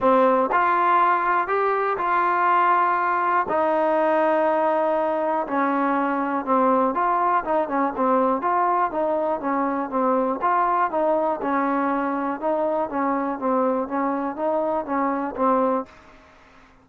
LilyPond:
\new Staff \with { instrumentName = "trombone" } { \time 4/4 \tempo 4 = 121 c'4 f'2 g'4 | f'2. dis'4~ | dis'2. cis'4~ | cis'4 c'4 f'4 dis'8 cis'8 |
c'4 f'4 dis'4 cis'4 | c'4 f'4 dis'4 cis'4~ | cis'4 dis'4 cis'4 c'4 | cis'4 dis'4 cis'4 c'4 | }